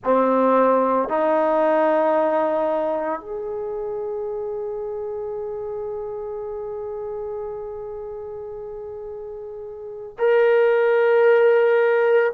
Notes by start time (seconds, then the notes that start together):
0.04 C4
1.08 D#4
3.20 G#4
10.18 A#4